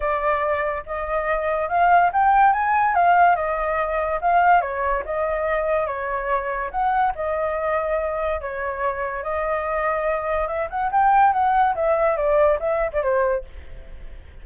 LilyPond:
\new Staff \with { instrumentName = "flute" } { \time 4/4 \tempo 4 = 143 d''2 dis''2 | f''4 g''4 gis''4 f''4 | dis''2 f''4 cis''4 | dis''2 cis''2 |
fis''4 dis''2. | cis''2 dis''2~ | dis''4 e''8 fis''8 g''4 fis''4 | e''4 d''4 e''8. d''16 c''4 | }